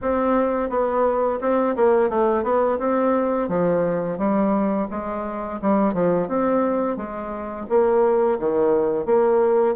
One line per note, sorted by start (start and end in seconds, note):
0.01 0.69 C4
0.69 1.39 B3
1.40 1.75 C4
1.76 2.09 A#3
2.09 2.43 A3
2.43 2.78 B3
2.78 3.48 C4
3.48 4.18 F3
4.18 4.87 G3
4.90 5.60 G#3
5.61 5.93 G3
5.93 6.28 F3
6.28 6.96 C4
6.96 7.66 G#3
7.69 8.38 A#3
8.39 9.05 D#3
9.05 9.75 A#3